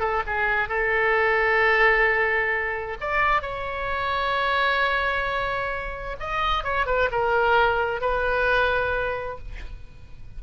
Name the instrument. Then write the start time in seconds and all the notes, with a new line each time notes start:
oboe
0.00 A4
0.27 G#4
0.69 A4
3.01 D5
3.42 C#5
6.20 D#5
6.64 C#5
6.87 B4
7.12 A#4
8.01 B4